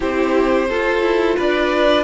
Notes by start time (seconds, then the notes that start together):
0.00 C4 E4 G4 C5
0.69 F4 A4
1.01 E4
1.36 D4 B4 D5